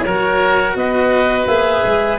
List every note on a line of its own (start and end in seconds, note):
0.00 0.75 F#3
0.00 0.77 A#4
0.00 0.71 C#5
0.06 1.48 F#4
0.75 1.46 B3
0.75 2.18 B4
0.75 1.46 D#5
1.46 1.83 A#3
1.46 2.18 G#4
1.46 2.18 E5
1.84 2.18 G#3